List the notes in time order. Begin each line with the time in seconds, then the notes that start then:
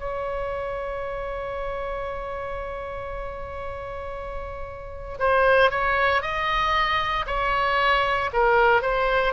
0.00 C#5
5.19 C5
5.71 C#5
6.22 D#5
7.27 C#5
8.33 A#4
8.82 C5